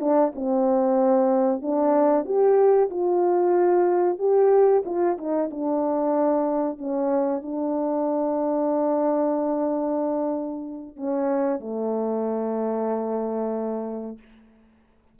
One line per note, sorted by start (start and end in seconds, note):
0.00 0.32 D4
0.35 1.62 C4
1.62 2.25 D4
2.25 2.89 G4
2.90 4.18 F4
4.18 4.83 G4
4.85 5.17 F4
5.17 5.50 D#4
5.50 6.78 D4
6.78 7.42 C#4
7.42 10.96 D4
10.96 11.60 C#4
11.60 14.18 A3